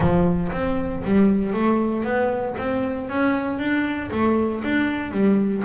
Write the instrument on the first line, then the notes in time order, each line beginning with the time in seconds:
double bass
0.00 F3
0.52 C4
1.04 G3
1.53 A3
2.03 B3
2.58 C4
3.09 C#4
3.58 D4
4.11 A3
4.64 D4
5.11 G3